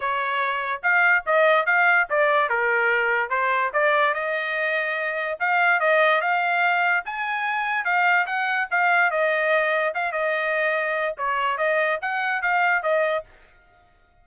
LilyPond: \new Staff \with { instrumentName = "trumpet" } { \time 4/4 \tempo 4 = 145 cis''2 f''4 dis''4 | f''4 d''4 ais'2 | c''4 d''4 dis''2~ | dis''4 f''4 dis''4 f''4~ |
f''4 gis''2 f''4 | fis''4 f''4 dis''2 | f''8 dis''2~ dis''8 cis''4 | dis''4 fis''4 f''4 dis''4 | }